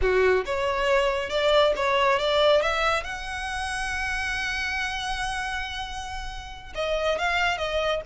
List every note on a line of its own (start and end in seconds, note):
0.01 0.45 F#4
0.45 1.29 C#5
1.29 1.73 D5
1.75 2.19 C#5
2.19 2.62 D5
2.62 3.03 E5
3.03 6.73 F#5
6.74 7.18 D#5
7.18 7.57 F5
7.57 8.01 D#5